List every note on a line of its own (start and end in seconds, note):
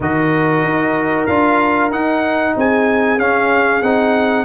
0.00 0.63 D#3
0.00 1.29 F#4
0.00 2.53 A#4
0.00 1.26 D#5
0.63 1.27 D#4
1.26 1.90 D4
1.26 1.91 F4
1.26 1.90 F5
1.90 2.54 D#4
1.90 3.18 D#4
1.90 2.55 F#5
2.56 3.17 C4
2.56 4.45 G#4
2.56 3.19 G#5
3.17 3.81 C#4
3.17 3.83 C#4
3.17 3.82 F5
3.82 4.45 C4
3.82 4.45 D#4
3.82 4.45 F#5